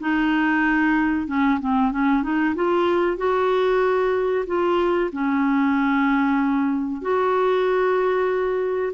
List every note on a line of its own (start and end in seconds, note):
0.00 1.27 D#4
1.27 1.59 C#4
1.60 1.92 C4
1.92 2.23 C#4
2.23 2.55 D#4
2.55 3.17 F4
3.17 4.45 F#4
4.47 5.10 F4
5.13 7.02 C#4
7.02 8.93 F#4